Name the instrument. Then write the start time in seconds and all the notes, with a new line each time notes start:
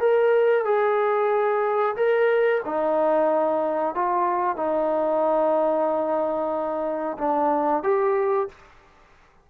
trombone
0.00 A#4
0.65 G#4
1.96 A#4
2.66 D#4
3.95 F4
4.57 D#4
7.18 D4
7.83 G4